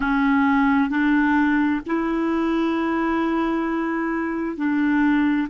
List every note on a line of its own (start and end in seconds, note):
0.00 0.89 C#4
0.89 1.80 D4
1.86 4.57 E4
4.57 5.48 D4